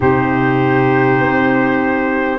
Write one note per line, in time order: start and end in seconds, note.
0.00 1.20 C3
0.00 2.39 D#4
0.00 2.39 G4
0.00 2.39 C5
1.20 2.39 C4